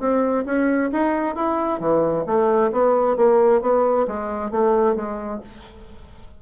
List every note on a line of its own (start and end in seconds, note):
0.00 0.45 C4
0.46 0.91 C#4
0.93 1.36 D#4
1.36 1.80 E4
1.80 2.25 E3
2.27 2.72 A3
2.72 3.17 B3
3.17 3.62 A#3
3.62 4.07 B3
4.08 4.51 G#3
4.51 4.96 A3
4.96 5.41 G#3